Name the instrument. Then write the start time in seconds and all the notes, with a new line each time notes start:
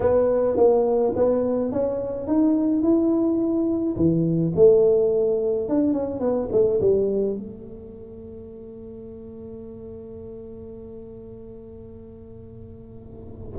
tuba
0.00 B3
0.56 A#3
1.15 B3
1.72 C#4
2.27 D#4
2.82 E4
3.96 E3
4.55 A3
5.68 D4
5.93 C#4
6.20 B3
6.51 A3
6.81 G3
7.36 A3